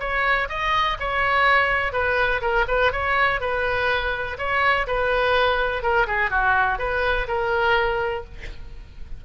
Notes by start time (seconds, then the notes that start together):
0.00 C#5
0.49 D#5
1.00 C#5
1.93 B4
2.42 A#4
2.68 B4
2.93 C#5
3.41 B4
4.38 C#5
4.87 B4
5.83 A#4
6.07 G#4
6.31 F#4
6.79 B4
7.28 A#4